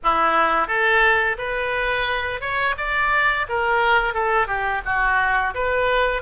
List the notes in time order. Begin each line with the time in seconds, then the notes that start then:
0.03 E4
0.67 A4
1.38 B4
2.40 C#5
2.77 D5
3.48 A#4
4.14 A4
4.47 G4
4.85 F#4
5.54 B4